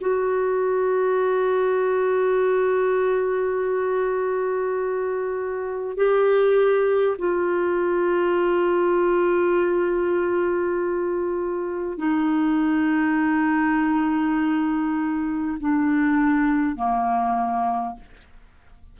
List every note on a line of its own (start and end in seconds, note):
0.00 5.97 F#4
5.97 7.17 G4
7.18 11.98 F4
11.98 15.58 D#4
15.59 16.76 D4
16.76 17.96 A#3